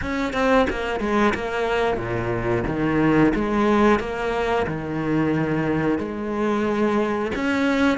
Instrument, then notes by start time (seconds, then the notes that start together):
cello
0.01 C#4
0.33 C4
0.70 A#3
1.00 G#3
1.34 A#3
1.97 A#2
2.66 D#3
3.35 G#3
3.99 A#3
4.67 D#3
5.98 G#3
7.35 C#4